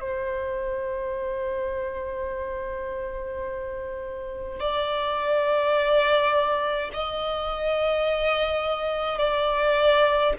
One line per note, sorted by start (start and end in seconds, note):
0.00 4.60 C5
4.60 6.91 D5
6.93 9.18 D#5
9.18 10.34 D5